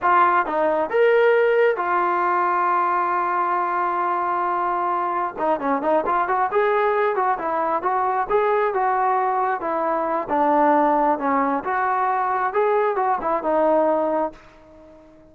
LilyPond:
\new Staff \with { instrumentName = "trombone" } { \time 4/4 \tempo 4 = 134 f'4 dis'4 ais'2 | f'1~ | f'1 | dis'8 cis'8 dis'8 f'8 fis'8 gis'4. |
fis'8 e'4 fis'4 gis'4 fis'8~ | fis'4. e'4. d'4~ | d'4 cis'4 fis'2 | gis'4 fis'8 e'8 dis'2 | }